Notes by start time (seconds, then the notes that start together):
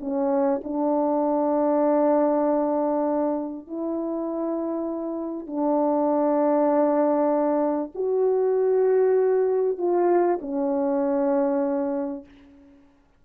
0.00 C#4
0.63 D4
3.67 E4
5.47 D4
7.95 F#4
9.78 F4
10.41 C#4